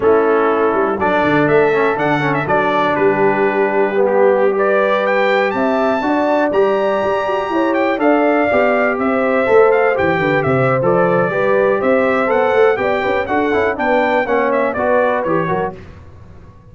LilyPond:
<<
  \new Staff \with { instrumentName = "trumpet" } { \time 4/4 \tempo 4 = 122 a'2 d''4 e''4 | fis''8. e''16 d''4 b'2~ | b'16 g'4 d''4 g''4 a''8.~ | a''4~ a''16 ais''2~ ais''8 g''16~ |
g''16 f''2 e''4. f''16~ | f''16 g''4 e''8. d''2 | e''4 fis''4 g''4 fis''4 | g''4 fis''8 e''8 d''4 cis''4 | }
  \new Staff \with { instrumentName = "horn" } { \time 4/4 e'2 a'2~ | a'2 g'2~ | g'4~ g'16 b'2 e''8.~ | e''16 d''2. cis''8.~ |
cis''16 d''2 c''4.~ c''16~ | c''8. b'8 c''4.~ c''16 b'4 | c''2 d''8 b'8 a'4 | b'4 cis''4 b'4. ais'8 | }
  \new Staff \with { instrumentName = "trombone" } { \time 4/4 cis'2 d'4. cis'8 | d'8 cis'8 d'2. | b4~ b16 g'2~ g'8.~ | g'16 fis'4 g'2~ g'8.~ |
g'16 a'4 g'2 a'8.~ | a'16 g'4.~ g'16 a'4 g'4~ | g'4 a'4 g'4 fis'8 e'8 | d'4 cis'4 fis'4 g'8 fis'8 | }
  \new Staff \with { instrumentName = "tuba" } { \time 4/4 a4. g8 fis8 d8 a4 | d4 fis4 g2~ | g2.~ g16 c'8.~ | c'16 d'4 g4 g'8 fis'8 e'8.~ |
e'16 d'4 b4 c'4 a8.~ | a16 e8 d8 c8. f4 g4 | c'4 b8 a8 b8 cis'8 d'8 cis'8 | b4 ais4 b4 e8 fis8 | }
>>